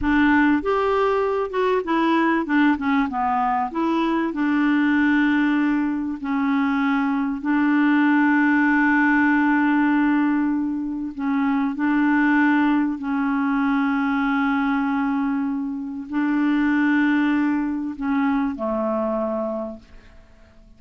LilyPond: \new Staff \with { instrumentName = "clarinet" } { \time 4/4 \tempo 4 = 97 d'4 g'4. fis'8 e'4 | d'8 cis'8 b4 e'4 d'4~ | d'2 cis'2 | d'1~ |
d'2 cis'4 d'4~ | d'4 cis'2.~ | cis'2 d'2~ | d'4 cis'4 a2 | }